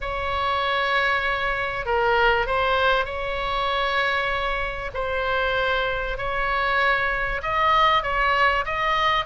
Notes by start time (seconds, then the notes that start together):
0.00 C#5
1.85 A#4
2.46 C5
3.05 C#5
4.93 C5
6.17 C#5
7.42 D#5
8.02 C#5
8.65 D#5